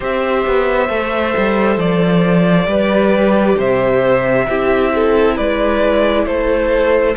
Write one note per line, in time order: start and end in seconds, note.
0.00 0.46 C4
0.00 0.88 G4
0.00 2.67 C5
0.00 1.79 E5
0.46 0.89 B3
0.89 1.34 A3
0.89 2.66 A4
1.37 1.76 G3
1.76 2.66 F3
1.76 3.58 D5
2.66 3.56 G3
2.66 4.45 G4
2.66 3.57 B4
3.57 4.46 C3
3.57 4.47 C5
3.57 5.37 E5
4.48 5.38 C4
4.48 7.17 E4
4.48 4.93 G4
4.95 5.35 A4
5.35 6.26 G#3
5.35 6.25 B4
5.35 6.26 D5
6.26 7.15 A3
6.26 7.17 A4
6.26 7.15 C5